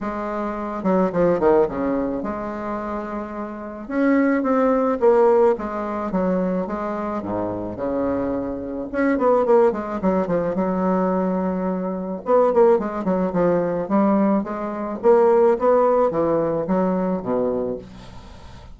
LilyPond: \new Staff \with { instrumentName = "bassoon" } { \time 4/4 \tempo 4 = 108 gis4. fis8 f8 dis8 cis4 | gis2. cis'4 | c'4 ais4 gis4 fis4 | gis4 gis,4 cis2 |
cis'8 b8 ais8 gis8 fis8 f8 fis4~ | fis2 b8 ais8 gis8 fis8 | f4 g4 gis4 ais4 | b4 e4 fis4 b,4 | }